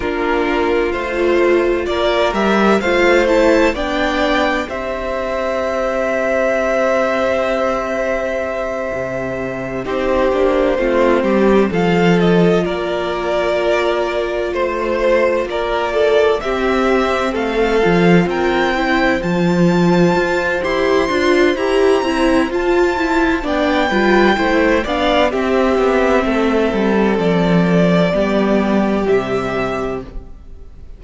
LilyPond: <<
  \new Staff \with { instrumentName = "violin" } { \time 4/4 \tempo 4 = 64 ais'4 c''4 d''8 e''8 f''8 a''8 | g''4 e''2.~ | e''2~ e''8 c''4.~ | c''8 f''8 dis''8 d''2 c''8~ |
c''8 d''4 e''4 f''4 g''8~ | g''8 a''4. c'''4 ais''4 | a''4 g''4. f''8 e''4~ | e''4 d''2 e''4 | }
  \new Staff \with { instrumentName = "violin" } { \time 4/4 f'2 ais'4 c''4 | d''4 c''2.~ | c''2~ c''8 g'4 f'8 | g'8 a'4 ais'2 c''8~ |
c''8 ais'8 a'8 g'4 a'4 ais'8 | c''1~ | c''4 d''8 b'8 c''8 d''8 g'4 | a'2 g'2 | }
  \new Staff \with { instrumentName = "viola" } { \time 4/4 d'4 f'4. g'8 f'8 e'8 | d'4 g'2.~ | g'2~ g'8 dis'8 d'8 c'8~ | c'8 f'2.~ f'8~ |
f'4. c'4. f'4 | e'8 f'4. g'8 f'8 g'8 e'8 | f'8 e'8 d'8 f'8 e'8 d'8 c'4~ | c'2 b4 g4 | }
  \new Staff \with { instrumentName = "cello" } { \time 4/4 ais4 a4 ais8 g8 a4 | b4 c'2.~ | c'4. c4 c'8 ais8 a8 | g8 f4 ais2 a8~ |
a8 ais4 c'4 a8 f8 c'8~ | c'8 f4 f'8 e'8 d'8 e'8 c'8 | f'4 b8 g8 a8 b8 c'8 b8 | a8 g8 f4 g4 c4 | }
>>